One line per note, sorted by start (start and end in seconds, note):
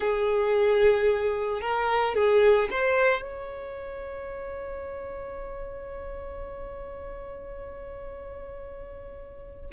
0.00 1.61 G#4
1.61 2.14 A#4
2.14 2.69 G#4
2.70 3.22 C5
3.22 9.70 C#5